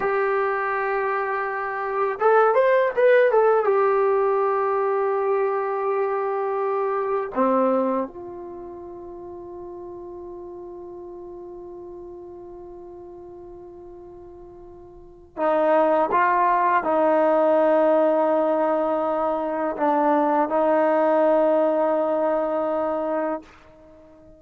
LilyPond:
\new Staff \with { instrumentName = "trombone" } { \time 4/4 \tempo 4 = 82 g'2. a'8 c''8 | b'8 a'8 g'2.~ | g'2 c'4 f'4~ | f'1~ |
f'1~ | f'4 dis'4 f'4 dis'4~ | dis'2. d'4 | dis'1 | }